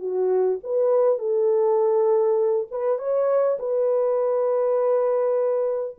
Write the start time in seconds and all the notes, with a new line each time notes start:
0.00 F#4
0.64 B4
1.19 A4
2.71 B4
2.99 C#5
3.59 B4